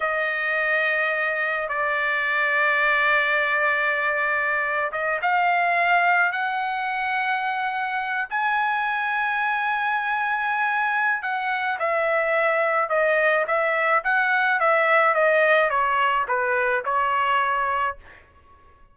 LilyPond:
\new Staff \with { instrumentName = "trumpet" } { \time 4/4 \tempo 4 = 107 dis''2. d''4~ | d''1~ | d''8. dis''8 f''2 fis''8.~ | fis''2~ fis''8. gis''4~ gis''16~ |
gis''1 | fis''4 e''2 dis''4 | e''4 fis''4 e''4 dis''4 | cis''4 b'4 cis''2 | }